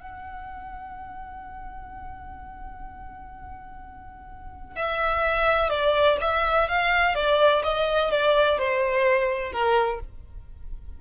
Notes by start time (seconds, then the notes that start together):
0.00 F#5
4.76 E5
5.69 D5
6.20 E5
6.68 F5
7.15 D5
7.63 D#5
8.10 D5
8.58 C5
9.52 A#4